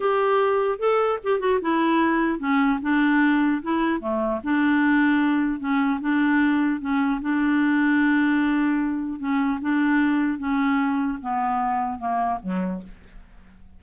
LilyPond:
\new Staff \with { instrumentName = "clarinet" } { \time 4/4 \tempo 4 = 150 g'2 a'4 g'8 fis'8 | e'2 cis'4 d'4~ | d'4 e'4 a4 d'4~ | d'2 cis'4 d'4~ |
d'4 cis'4 d'2~ | d'2. cis'4 | d'2 cis'2 | b2 ais4 fis4 | }